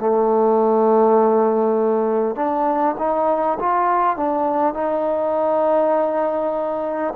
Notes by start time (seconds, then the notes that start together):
0.00 A3
2.36 D4
2.98 D#4
3.60 F4
4.17 D4
4.75 D#4